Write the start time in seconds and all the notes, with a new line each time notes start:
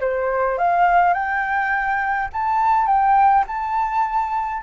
0.00 C5
0.57 F5
1.13 G5
2.33 A5
2.86 G5
3.47 A5